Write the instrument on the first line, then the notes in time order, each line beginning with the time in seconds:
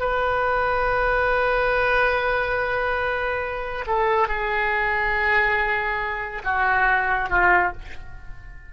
oboe
0.00 B4
3.87 A4
4.28 G#4
6.44 F#4
7.30 F4